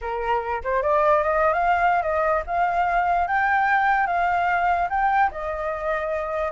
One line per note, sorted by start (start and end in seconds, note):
0.01 0.62 A#4
0.63 0.82 C5
0.82 1.23 D5
1.23 1.53 D#5
1.53 2.02 F5
2.02 2.43 D#5
2.46 3.27 F5
3.27 4.06 G5
4.06 4.88 F5
4.89 5.30 G5
5.31 6.51 D#5